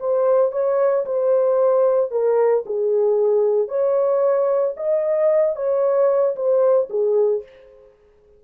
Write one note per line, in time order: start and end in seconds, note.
0.00 0.52 C5
0.52 1.05 C#5
1.05 2.11 C5
2.11 2.64 A#4
2.66 3.68 G#4
3.68 4.74 C#5
4.77 5.56 D#5
5.56 6.35 C#5
6.36 6.89 C5
6.90 7.43 G#4